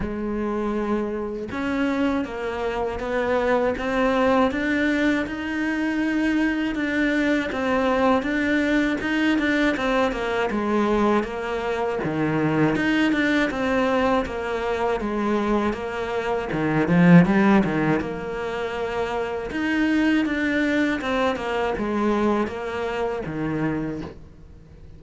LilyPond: \new Staff \with { instrumentName = "cello" } { \time 4/4 \tempo 4 = 80 gis2 cis'4 ais4 | b4 c'4 d'4 dis'4~ | dis'4 d'4 c'4 d'4 | dis'8 d'8 c'8 ais8 gis4 ais4 |
dis4 dis'8 d'8 c'4 ais4 | gis4 ais4 dis8 f8 g8 dis8 | ais2 dis'4 d'4 | c'8 ais8 gis4 ais4 dis4 | }